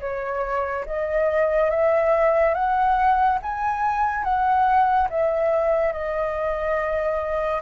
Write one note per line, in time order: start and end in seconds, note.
0.00 0.85 C#5
0.85 1.70 D#5
1.70 2.54 E5
2.54 3.38 F#5
3.42 4.23 G#5
4.23 5.08 F#5
5.10 5.92 E5
5.92 7.61 D#5